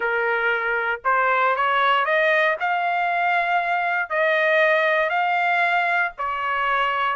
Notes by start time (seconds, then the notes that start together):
0.00 A#4
1.04 C5
1.55 C#5
2.05 D#5
2.60 F5
4.09 D#5
5.09 F5
6.18 C#5